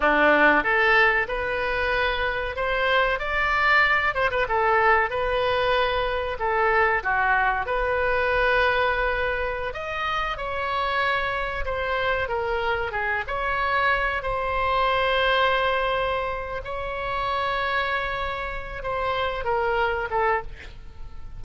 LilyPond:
\new Staff \with { instrumentName = "oboe" } { \time 4/4 \tempo 4 = 94 d'4 a'4 b'2 | c''4 d''4. c''16 b'16 a'4 | b'2 a'4 fis'4 | b'2.~ b'16 dis''8.~ |
dis''16 cis''2 c''4 ais'8.~ | ais'16 gis'8 cis''4. c''4.~ c''16~ | c''2 cis''2~ | cis''4. c''4 ais'4 a'8 | }